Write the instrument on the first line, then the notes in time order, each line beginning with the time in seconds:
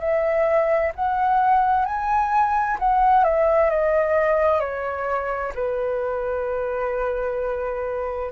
flute
0.00 E5
0.96 F#5
1.86 G#5
2.79 F#5
3.24 E5
3.70 D#5
4.61 C#5
5.55 B4